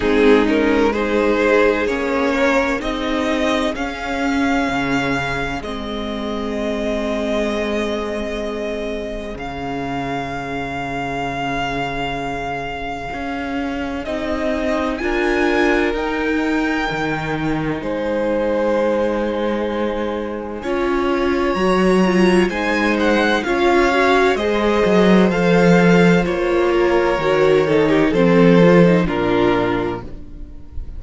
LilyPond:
<<
  \new Staff \with { instrumentName = "violin" } { \time 4/4 \tempo 4 = 64 gis'8 ais'8 c''4 cis''4 dis''4 | f''2 dis''2~ | dis''2 f''2~ | f''2. dis''4 |
gis''4 g''2 gis''4~ | gis''2. ais''4 | gis''8 fis''8 f''4 dis''4 f''4 | cis''2 c''4 ais'4 | }
  \new Staff \with { instrumentName = "violin" } { \time 4/4 dis'4 gis'4. ais'8 gis'4~ | gis'1~ | gis'1~ | gis'1 |
ais'2. c''4~ | c''2 cis''2 | c''4 cis''4 c''2~ | c''8 ais'4 a'16 g'16 a'4 f'4 | }
  \new Staff \with { instrumentName = "viola" } { \time 4/4 c'8 cis'8 dis'4 cis'4 dis'4 | cis'2 c'2~ | c'2 cis'2~ | cis'2. dis'4 |
f'4 dis'2.~ | dis'2 f'4 fis'8 f'8 | dis'4 f'8 fis'8 gis'4 a'4 | f'4 fis'8 dis'8 c'8 f'16 dis'16 d'4 | }
  \new Staff \with { instrumentName = "cello" } { \time 4/4 gis2 ais4 c'4 | cis'4 cis4 gis2~ | gis2 cis2~ | cis2 cis'4 c'4 |
d'4 dis'4 dis4 gis4~ | gis2 cis'4 fis4 | gis4 cis'4 gis8 fis8 f4 | ais4 dis4 f4 ais,4 | }
>>